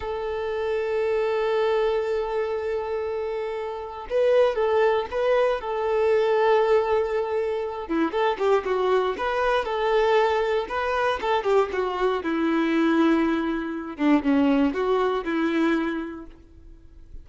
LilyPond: \new Staff \with { instrumentName = "violin" } { \time 4/4 \tempo 4 = 118 a'1~ | a'1 | b'4 a'4 b'4 a'4~ | a'2.~ a'8 e'8 |
a'8 g'8 fis'4 b'4 a'4~ | a'4 b'4 a'8 g'8 fis'4 | e'2.~ e'8 d'8 | cis'4 fis'4 e'2 | }